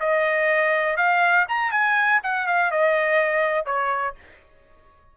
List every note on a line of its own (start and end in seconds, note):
0.00 0.97 D#5
0.97 1.46 F5
1.48 1.71 A#5
1.71 2.20 G#5
2.23 2.47 F#5
2.47 2.71 F5
2.71 3.65 D#5
3.65 4.15 C#5